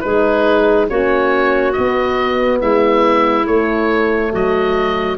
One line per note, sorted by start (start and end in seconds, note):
0.00 0.90 G#3
0.00 0.88 D#4
0.00 0.89 G#4
0.00 0.86 B4
0.88 1.76 A#3
0.88 1.74 C#4
0.88 2.59 F#4
0.88 1.72 C#5
1.72 3.47 B3
1.72 2.61 B3
1.72 2.58 D#5
2.59 3.46 G#3
2.59 4.31 E4
2.59 3.46 E5
3.46 4.31 A3
3.46 5.18 A3
3.46 4.32 C#5
4.31 5.18 F#3
4.31 5.17 F#4
4.31 5.18 D#5